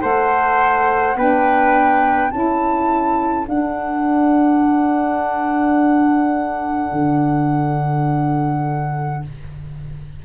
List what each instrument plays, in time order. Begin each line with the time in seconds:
0.00 tuba A3, saxophone A4, trumpet C5, flute F#5
1.16 tuba B3, saxophone D4, trumpet B4, flute G5
2.31 tuba C#4, saxophone E4, trumpet A4, flute A5
3.46 saxophone D4, tuba D4, flute F#5
6.92 tuba D3